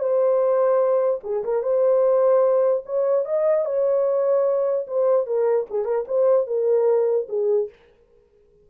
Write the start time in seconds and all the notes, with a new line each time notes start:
0.00 C5
1.24 G#4
1.44 A#4
1.63 C5
2.86 C#5
3.26 D#5
3.66 C#5
4.88 C5
5.27 A#4
5.70 G#4
5.85 A#4
6.08 C5
6.47 A#4
7.29 G#4